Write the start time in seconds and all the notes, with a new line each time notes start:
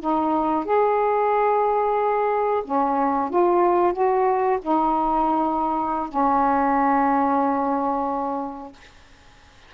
0.00 D#4
0.65 G#4
2.64 C#4
3.30 F4
3.93 F#4
4.61 D#4
6.09 C#4